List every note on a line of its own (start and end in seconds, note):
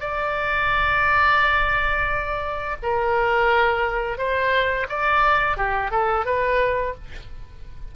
0.00 2.76 D5
2.82 4.18 A#4
4.18 4.87 C5
4.89 5.57 D5
5.57 5.91 G4
5.91 6.25 A4
6.25 6.94 B4